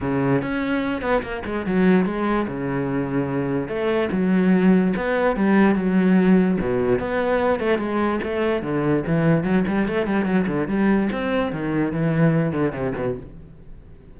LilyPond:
\new Staff \with { instrumentName = "cello" } { \time 4/4 \tempo 4 = 146 cis4 cis'4. b8 ais8 gis8 | fis4 gis4 cis2~ | cis4 a4 fis2 | b4 g4 fis2 |
b,4 b4. a8 gis4 | a4 d4 e4 fis8 g8 | a8 g8 fis8 d8 g4 c'4 | dis4 e4. d8 c8 b,8 | }